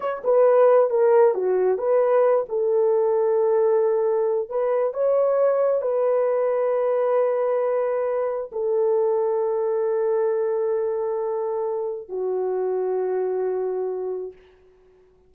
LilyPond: \new Staff \with { instrumentName = "horn" } { \time 4/4 \tempo 4 = 134 cis''8 b'4. ais'4 fis'4 | b'4. a'2~ a'8~ | a'2 b'4 cis''4~ | cis''4 b'2.~ |
b'2. a'4~ | a'1~ | a'2. fis'4~ | fis'1 | }